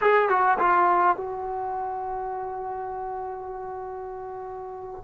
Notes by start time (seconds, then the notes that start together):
0.01 G#4
0.29 F#4
0.58 F4
1.17 F#4